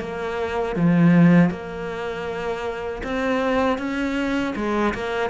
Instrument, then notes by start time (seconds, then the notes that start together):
cello
0.00 A#3
0.76 F3
1.51 A#3
3.04 C4
3.78 C#4
4.56 G#3
4.94 A#3